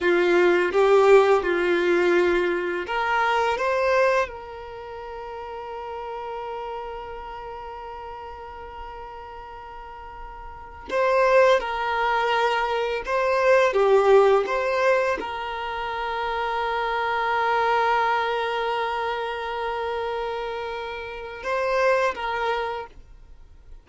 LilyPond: \new Staff \with { instrumentName = "violin" } { \time 4/4 \tempo 4 = 84 f'4 g'4 f'2 | ais'4 c''4 ais'2~ | ais'1~ | ais'2.~ ais'16 c''8.~ |
c''16 ais'2 c''4 g'8.~ | g'16 c''4 ais'2~ ais'8.~ | ais'1~ | ais'2 c''4 ais'4 | }